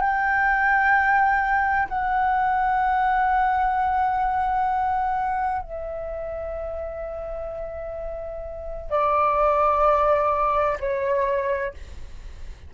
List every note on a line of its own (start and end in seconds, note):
0.00 1.87 G5
1.88 5.62 F#5
5.62 8.90 E5
8.90 10.77 D5
10.80 11.74 C#5